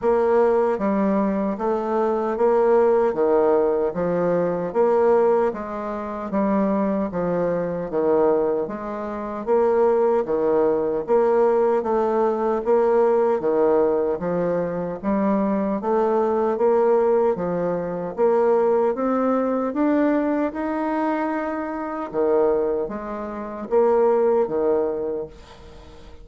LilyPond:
\new Staff \with { instrumentName = "bassoon" } { \time 4/4 \tempo 4 = 76 ais4 g4 a4 ais4 | dis4 f4 ais4 gis4 | g4 f4 dis4 gis4 | ais4 dis4 ais4 a4 |
ais4 dis4 f4 g4 | a4 ais4 f4 ais4 | c'4 d'4 dis'2 | dis4 gis4 ais4 dis4 | }